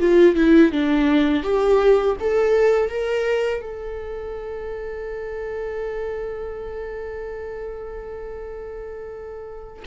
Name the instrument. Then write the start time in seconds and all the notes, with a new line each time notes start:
viola
0.00 F4
0.36 E4
0.72 D4
1.43 G4
2.20 A4
2.89 A#4
3.61 A4